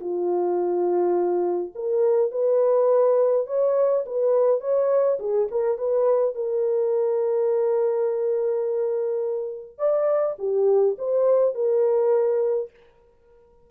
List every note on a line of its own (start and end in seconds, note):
0.00 1.73 F4
1.75 2.32 A#4
2.32 3.47 B4
3.47 4.04 C#5
4.06 4.60 B4
4.60 5.18 C#5
5.19 5.48 G#4
5.51 5.77 A#4
5.77 6.35 B4
6.35 9.78 A#4
9.78 10.36 D5
10.39 10.96 G4
10.98 11.55 C5
11.55 12.70 A#4